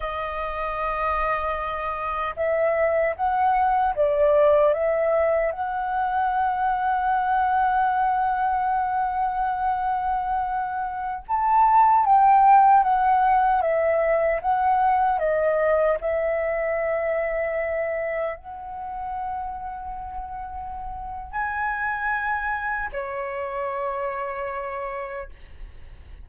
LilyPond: \new Staff \with { instrumentName = "flute" } { \time 4/4 \tempo 4 = 76 dis''2. e''4 | fis''4 d''4 e''4 fis''4~ | fis''1~ | fis''2~ fis''16 a''4 g''8.~ |
g''16 fis''4 e''4 fis''4 dis''8.~ | dis''16 e''2. fis''8.~ | fis''2. gis''4~ | gis''4 cis''2. | }